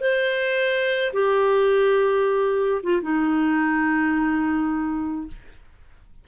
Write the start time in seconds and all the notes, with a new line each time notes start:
0.00 C5
1.13 G4
2.83 F4
3.02 D#4